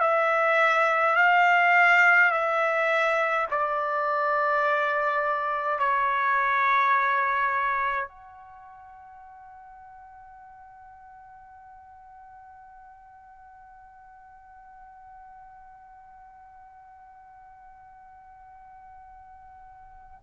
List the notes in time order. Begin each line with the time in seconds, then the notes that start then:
0.00 E5
1.15 F5
2.31 E5
3.50 D5
5.78 C#5
8.08 F#5